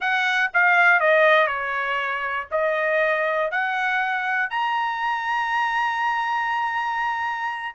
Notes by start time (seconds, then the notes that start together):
0.00 F#5
0.53 F5
1.00 D#5
1.47 C#5
2.51 D#5
3.51 F#5
4.50 A#5